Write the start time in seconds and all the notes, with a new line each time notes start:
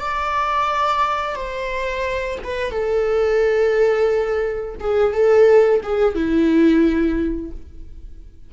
0.00 D5
1.36 C5
2.44 B4
2.71 A4
4.80 G#4
5.13 A4
5.83 G#4
6.15 E4